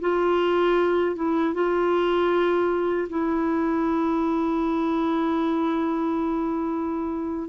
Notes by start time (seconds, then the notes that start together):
0.00 F4
1.15 E4
1.54 F4
3.09 E4